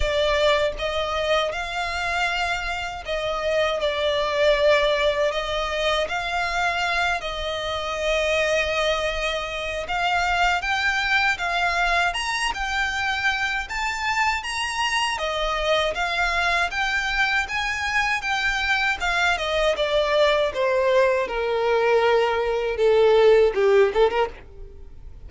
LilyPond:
\new Staff \with { instrumentName = "violin" } { \time 4/4 \tempo 4 = 79 d''4 dis''4 f''2 | dis''4 d''2 dis''4 | f''4. dis''2~ dis''8~ | dis''4 f''4 g''4 f''4 |
ais''8 g''4. a''4 ais''4 | dis''4 f''4 g''4 gis''4 | g''4 f''8 dis''8 d''4 c''4 | ais'2 a'4 g'8 a'16 ais'16 | }